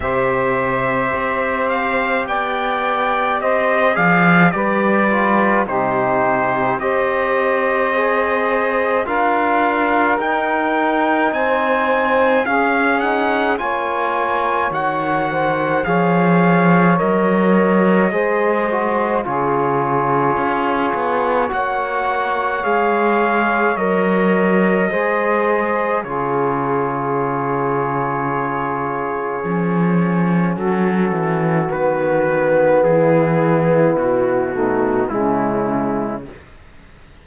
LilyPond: <<
  \new Staff \with { instrumentName = "trumpet" } { \time 4/4 \tempo 4 = 53 e''4. f''8 g''4 dis''8 f''8 | d''4 c''4 dis''2 | f''4 g''4 gis''4 f''8 fis''8 | gis''4 fis''4 f''4 dis''4~ |
dis''4 cis''2 fis''4 | f''4 dis''2 cis''4~ | cis''2. a'4 | b'4 gis'4 fis'4 e'4 | }
  \new Staff \with { instrumentName = "saxophone" } { \time 4/4 c''2 d''4 c''8 d''8 | b'4 g'4 c''2 | ais'2 c''4 gis'4 | cis''4. c''8 cis''2 |
c''4 gis'2 cis''4~ | cis''2 c''4 gis'4~ | gis'2. fis'4~ | fis'4 e'4. dis'8 cis'4 | }
  \new Staff \with { instrumentName = "trombone" } { \time 4/4 g'2.~ g'8 gis'8 | g'8 f'8 dis'4 g'4 gis'4 | f'4 dis'2 cis'8 dis'8 | f'4 fis'4 gis'4 ais'4 |
gis'8 fis'8 f'2 fis'4 | gis'4 ais'4 gis'4 f'4~ | f'2 cis'2 | b2~ b8 a8 gis4 | }
  \new Staff \with { instrumentName = "cello" } { \time 4/4 c4 c'4 b4 c'8 f8 | g4 c4 c'2 | d'4 dis'4 c'4 cis'4 | ais4 dis4 f4 fis4 |
gis4 cis4 cis'8 b8 ais4 | gis4 fis4 gis4 cis4~ | cis2 f4 fis8 e8 | dis4 e4 b,4 cis4 | }
>>